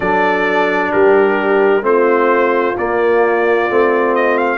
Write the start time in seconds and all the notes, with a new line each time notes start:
0.00 F#3 D4 A4 D5
0.91 G3 G4 A#4
1.81 A3 C4 F4 C5
2.77 A#3 D5
3.68 A3 C4
4.15 D#5
4.37 F5